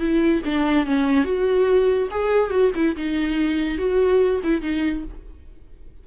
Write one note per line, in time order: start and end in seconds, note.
0.00 0.42 E4
0.46 0.86 D4
0.86 1.25 C#4
1.25 2.09 F#4
2.11 2.51 G#4
2.51 2.72 F#4
2.76 2.97 E4
2.97 3.79 D#4
3.79 4.42 F#4
4.44 4.62 E4
4.62 5.04 D#4